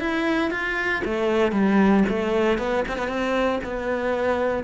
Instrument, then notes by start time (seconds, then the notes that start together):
cello
0.00 E4
0.51 F4
1.05 A3
1.52 G3
2.09 A3
2.58 B3
2.88 C4
2.98 B3
3.08 C4
3.64 B3